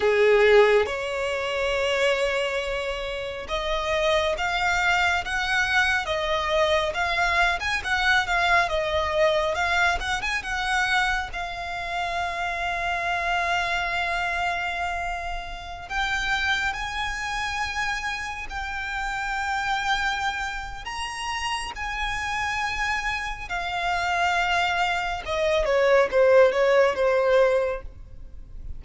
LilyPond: \new Staff \with { instrumentName = "violin" } { \time 4/4 \tempo 4 = 69 gis'4 cis''2. | dis''4 f''4 fis''4 dis''4 | f''8. gis''16 fis''8 f''8 dis''4 f''8 fis''16 gis''16 | fis''4 f''2.~ |
f''2~ f''16 g''4 gis''8.~ | gis''4~ gis''16 g''2~ g''8. | ais''4 gis''2 f''4~ | f''4 dis''8 cis''8 c''8 cis''8 c''4 | }